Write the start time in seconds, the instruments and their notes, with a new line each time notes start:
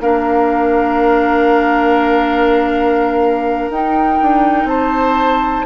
0.00 bassoon A#3, clarinet D4, oboe A#4, flute F5
3.70 bassoon D#4, clarinet D#4, flute G5
4.22 bassoon D4
4.65 bassoon C4, oboe C5, flute A5